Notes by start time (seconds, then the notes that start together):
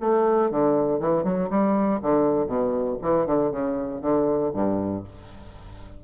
0.00 A3
0.50 D3
0.99 E3
1.24 F#3
1.49 G3
2.01 D3
2.47 B2
3.02 E3
3.26 D3
3.51 C#3
4.01 D3
4.53 G2